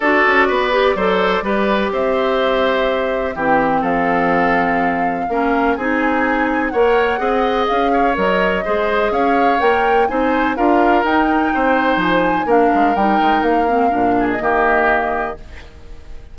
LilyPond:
<<
  \new Staff \with { instrumentName = "flute" } { \time 4/4 \tempo 4 = 125 d''1 | e''2. g''4 | f''1 | gis''2 fis''2 |
f''4 dis''2 f''4 | g''4 gis''4 f''4 g''4~ | g''4 gis''4 f''4 g''4 | f''4.~ f''16 dis''2~ dis''16 | }
  \new Staff \with { instrumentName = "oboe" } { \time 4/4 a'4 b'4 c''4 b'4 | c''2. g'4 | a'2. ais'4 | gis'2 cis''4 dis''4~ |
dis''8 cis''4. c''4 cis''4~ | cis''4 c''4 ais'2 | c''2 ais'2~ | ais'4. gis'8 g'2 | }
  \new Staff \with { instrumentName = "clarinet" } { \time 4/4 fis'4. g'8 a'4 g'4~ | g'2. c'4~ | c'2. cis'4 | dis'2 ais'4 gis'4~ |
gis'4 ais'4 gis'2 | ais'4 dis'4 f'4 dis'4~ | dis'2 d'4 dis'4~ | dis'8 c'8 d'4 ais2 | }
  \new Staff \with { instrumentName = "bassoon" } { \time 4/4 d'8 cis'8 b4 fis4 g4 | c'2. e4 | f2. ais4 | c'2 ais4 c'4 |
cis'4 fis4 gis4 cis'4 | ais4 c'4 d'4 dis'4 | c'4 f4 ais8 gis8 g8 gis8 | ais4 ais,4 dis2 | }
>>